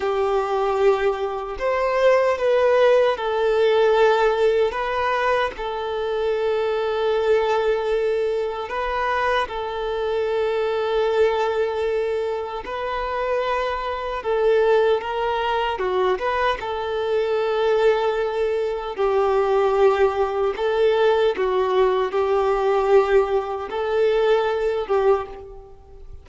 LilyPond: \new Staff \with { instrumentName = "violin" } { \time 4/4 \tempo 4 = 76 g'2 c''4 b'4 | a'2 b'4 a'4~ | a'2. b'4 | a'1 |
b'2 a'4 ais'4 | fis'8 b'8 a'2. | g'2 a'4 fis'4 | g'2 a'4. g'8 | }